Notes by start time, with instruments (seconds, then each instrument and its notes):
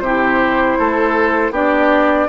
0.00 bassoon C3, clarinet E4, oboe G4, flute C5
0.78 bassoon A3, oboe A4
1.50 bassoon B3, clarinet D4, oboe G4, flute D5